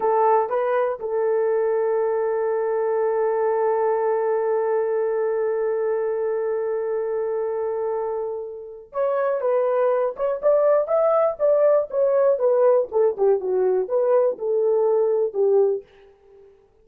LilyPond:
\new Staff \with { instrumentName = "horn" } { \time 4/4 \tempo 4 = 121 a'4 b'4 a'2~ | a'1~ | a'1~ | a'1~ |
a'2 cis''4 b'4~ | b'8 cis''8 d''4 e''4 d''4 | cis''4 b'4 a'8 g'8 fis'4 | b'4 a'2 g'4 | }